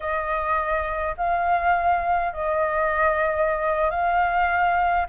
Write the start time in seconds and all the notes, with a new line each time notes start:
0.00 D#5
1.17 F5
2.33 D#5
3.90 F5